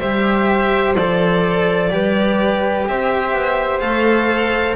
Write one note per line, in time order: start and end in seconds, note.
0.00 0.96 G3
0.00 0.96 G4
0.00 1.91 C5
0.00 0.95 E5
0.96 1.90 F3
0.96 1.91 A4
0.96 2.86 D5
1.90 2.86 G3
1.90 3.80 G4
1.90 2.88 B4
2.88 3.33 C4
2.88 4.76 C5
2.88 3.80 E5
3.33 3.81 B3
3.80 4.76 A3
3.80 4.75 A4
3.80 4.75 F5